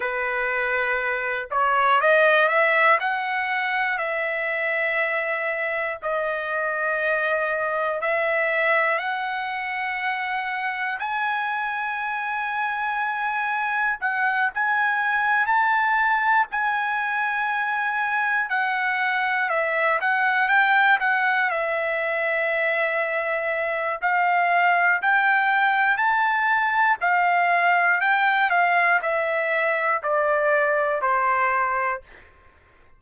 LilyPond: \new Staff \with { instrumentName = "trumpet" } { \time 4/4 \tempo 4 = 60 b'4. cis''8 dis''8 e''8 fis''4 | e''2 dis''2 | e''4 fis''2 gis''4~ | gis''2 fis''8 gis''4 a''8~ |
a''8 gis''2 fis''4 e''8 | fis''8 g''8 fis''8 e''2~ e''8 | f''4 g''4 a''4 f''4 | g''8 f''8 e''4 d''4 c''4 | }